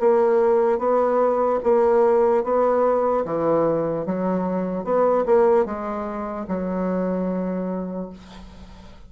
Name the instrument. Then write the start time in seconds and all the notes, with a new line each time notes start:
bassoon
0.00 A#3
0.79 B3
1.64 A#3
2.44 B3
3.25 E3
4.06 F#3
4.85 B3
5.26 A#3
5.66 G#3
6.48 F#3